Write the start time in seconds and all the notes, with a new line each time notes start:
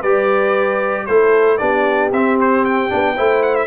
0.00 G3 G4 B4 D5
1.06 A3 E4 A4 C5
1.57 B3 D4 G4 D5
2.12 C4 E5
2.40 C5
2.64 G5
2.89 B3 D4
3.15 A3 E4 C5
3.42 F#5
3.55 E5